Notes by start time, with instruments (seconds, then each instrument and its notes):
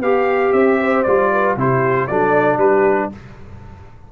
0.00 tuba B3, horn G4, trombone G4, trumpet F5
0.53 tuba C4, trumpet E5
0.80 horn C5
1.03 tuba G3, trombone F4, trumpet D5
1.32 horn B4
1.56 tuba C3, trombone E4, horn G4, trumpet C5
2.07 tuba F#3, trombone D4, horn A4, trumpet D5
2.57 tuba G3, horn G4, trumpet B4